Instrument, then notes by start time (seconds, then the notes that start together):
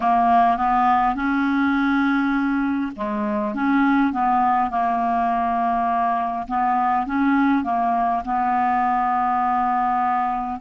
clarinet
0.00 A#3
0.57 B3
1.15 C#4
2.96 G#3
3.54 C#4
4.12 B3
4.70 A#3
6.47 B3
7.06 C#4
7.64 A#3
8.25 B3